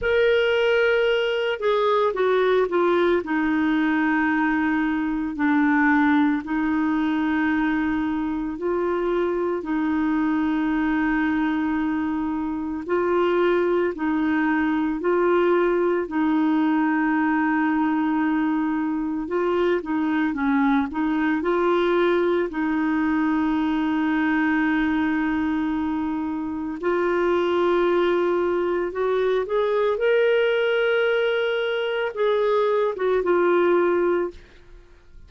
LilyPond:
\new Staff \with { instrumentName = "clarinet" } { \time 4/4 \tempo 4 = 56 ais'4. gis'8 fis'8 f'8 dis'4~ | dis'4 d'4 dis'2 | f'4 dis'2. | f'4 dis'4 f'4 dis'4~ |
dis'2 f'8 dis'8 cis'8 dis'8 | f'4 dis'2.~ | dis'4 f'2 fis'8 gis'8 | ais'2 gis'8. fis'16 f'4 | }